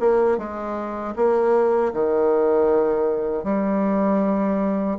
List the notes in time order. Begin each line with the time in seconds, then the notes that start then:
0.00 A#3
0.38 G#3
1.16 A#3
1.93 D#3
3.44 G3